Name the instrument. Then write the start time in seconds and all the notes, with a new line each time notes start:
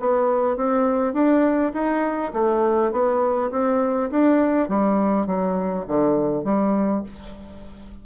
bassoon
0.00 B3
0.57 C4
1.14 D4
1.74 D#4
2.33 A3
2.92 B3
3.51 C4
4.11 D4
4.69 G3
5.27 F#3
5.88 D3
6.44 G3